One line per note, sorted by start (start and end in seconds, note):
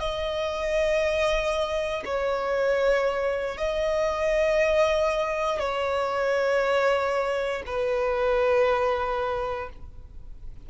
0.00 2.03 D#5
2.05 3.58 C#5
3.58 5.60 D#5
5.60 7.63 C#5
7.66 9.70 B4